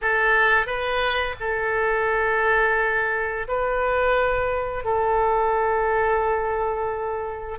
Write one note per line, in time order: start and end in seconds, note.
0.01 0.66 A4
0.66 1.35 B4
1.40 3.47 A4
3.47 4.84 B4
4.84 7.58 A4